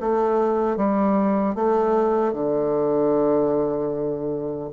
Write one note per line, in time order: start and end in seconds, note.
0.00 0.76 A3
0.76 1.55 G3
1.55 2.33 A3
2.33 4.70 D3